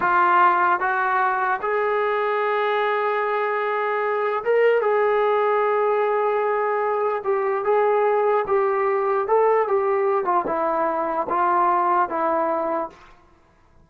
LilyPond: \new Staff \with { instrumentName = "trombone" } { \time 4/4 \tempo 4 = 149 f'2 fis'2 | gis'1~ | gis'2. ais'4 | gis'1~ |
gis'2 g'4 gis'4~ | gis'4 g'2 a'4 | g'4. f'8 e'2 | f'2 e'2 | }